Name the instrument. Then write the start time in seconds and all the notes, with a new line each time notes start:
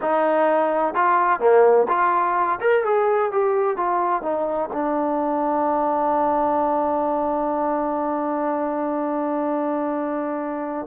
trombone
0.01 D#4
0.94 F4
1.39 A#3
1.88 F4
2.60 A#4
2.84 G#4
3.31 G4
3.76 F4
4.22 D#4
4.72 D4